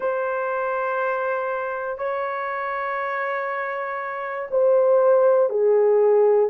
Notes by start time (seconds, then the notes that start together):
0.00 C5
1.97 C#5
4.50 C5
5.49 G#4